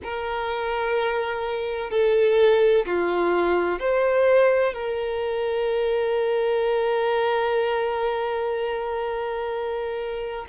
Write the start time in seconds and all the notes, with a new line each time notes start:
0.03 A#4
1.90 A4
2.86 F4
3.79 C5
4.74 A#4